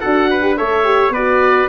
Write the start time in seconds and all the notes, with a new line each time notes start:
0.00 D4 F#4 A4 F#5
0.30 B4
0.42 G4
0.57 A3 A4 C#5 E5
0.85 G4
1.10 B3 B4 D5
1.16 F#4